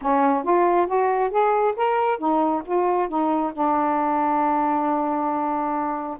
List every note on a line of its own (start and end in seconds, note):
0.01 0.43 C#4
0.43 0.87 F4
0.87 1.30 F#4
1.30 1.74 G#4
1.76 2.18 A#4
2.18 2.62 D#4
2.65 3.08 F4
3.08 3.52 D#4
3.53 6.17 D4